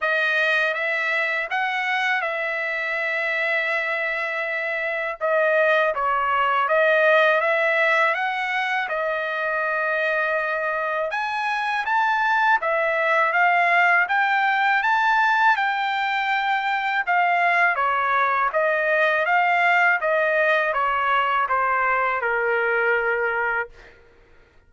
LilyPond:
\new Staff \with { instrumentName = "trumpet" } { \time 4/4 \tempo 4 = 81 dis''4 e''4 fis''4 e''4~ | e''2. dis''4 | cis''4 dis''4 e''4 fis''4 | dis''2. gis''4 |
a''4 e''4 f''4 g''4 | a''4 g''2 f''4 | cis''4 dis''4 f''4 dis''4 | cis''4 c''4 ais'2 | }